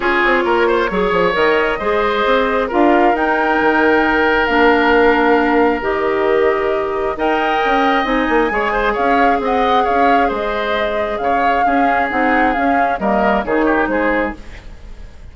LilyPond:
<<
  \new Staff \with { instrumentName = "flute" } { \time 4/4 \tempo 4 = 134 cis''2. dis''4~ | dis''2 f''4 g''4~ | g''2 f''2~ | f''4 dis''2. |
g''2 gis''2 | f''4 fis''4 f''4 dis''4~ | dis''4 f''2 fis''4 | f''4 dis''4 cis''4 c''4 | }
  \new Staff \with { instrumentName = "oboe" } { \time 4/4 gis'4 ais'8 c''8 cis''2 | c''2 ais'2~ | ais'1~ | ais'1 |
dis''2. cis''8 c''8 | cis''4 dis''4 cis''4 c''4~ | c''4 cis''4 gis'2~ | gis'4 ais'4 gis'8 g'8 gis'4 | }
  \new Staff \with { instrumentName = "clarinet" } { \time 4/4 f'2 gis'4 ais'4 | gis'2 f'4 dis'4~ | dis'2 d'2~ | d'4 g'2. |
ais'2 dis'4 gis'4~ | gis'1~ | gis'2 cis'4 dis'4 | cis'4 ais4 dis'2 | }
  \new Staff \with { instrumentName = "bassoon" } { \time 4/4 cis'8 c'8 ais4 fis8 f8 dis4 | gis4 c'4 d'4 dis'4 | dis2 ais2~ | ais4 dis2. |
dis'4 cis'4 c'8 ais8 gis4 | cis'4 c'4 cis'4 gis4~ | gis4 cis4 cis'4 c'4 | cis'4 g4 dis4 gis4 | }
>>